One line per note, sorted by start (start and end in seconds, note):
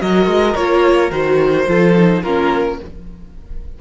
0.00 0.26 F#3
0.00 0.56 F#4
0.00 1.67 A#4
0.00 0.55 D#5
0.26 0.54 G#3
0.55 1.11 A#3
0.55 1.11 F4
0.55 1.11 C#5
1.11 1.66 D#3
1.11 1.66 F#4
1.11 2.22 C5
1.67 2.23 F3
1.67 1.95 F4
1.67 2.23 A4
1.96 2.24 D#4
2.22 2.80 A#3
2.22 2.81 C#4
2.22 2.78 F4
2.22 2.78 A#4